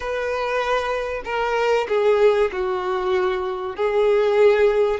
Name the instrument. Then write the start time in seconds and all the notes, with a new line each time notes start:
violin
0.00 B4
1.24 A#4
1.88 G#4
2.51 F#4
3.76 G#4